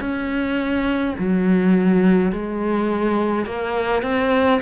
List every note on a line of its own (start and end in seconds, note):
0.00 1.15 C#4
1.19 2.32 F#3
2.32 3.46 G#3
3.46 4.03 A#3
4.03 4.60 C4